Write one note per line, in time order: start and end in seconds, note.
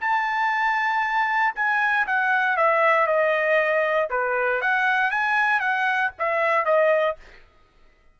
0.00 1.54 A5
1.55 2.06 G#5
2.07 2.57 F#5
2.57 3.06 E5
3.06 4.09 D#5
4.10 4.61 B4
4.61 5.10 F#5
5.10 5.59 G#5
5.59 6.11 F#5
6.18 6.65 E5
6.65 7.16 D#5